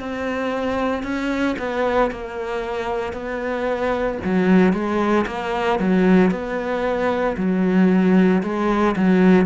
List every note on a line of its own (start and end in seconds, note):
0.00 1.03 C4
1.03 1.56 C#4
1.58 2.11 B3
2.11 3.13 A#3
3.13 4.18 B3
4.24 4.73 F#3
4.73 5.25 G#3
5.26 5.79 A#3
5.79 6.31 F#3
6.31 7.36 B3
7.37 8.42 F#3
8.43 8.95 G#3
8.96 9.45 F#3